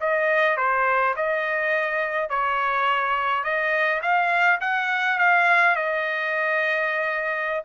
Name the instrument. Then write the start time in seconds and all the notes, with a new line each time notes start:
trumpet
0.00 D#5
0.57 C5
1.16 D#5
2.29 C#5
3.43 D#5
4.02 F5
4.60 F#5
5.18 F5
5.75 D#5